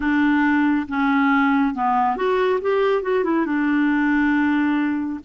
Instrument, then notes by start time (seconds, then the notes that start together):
clarinet
0.00 D4
0.88 C#4
1.74 B3
2.16 F#4
2.61 G4
3.02 F#4
3.24 E4
3.45 D4